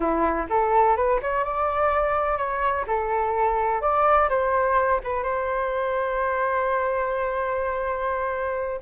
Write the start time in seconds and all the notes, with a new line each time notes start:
0.00 E4
0.49 A4
0.96 B4
1.22 C#5
1.44 D5
2.37 C#5
2.87 A4
3.81 D5
4.29 C5
5.03 B4
5.23 C5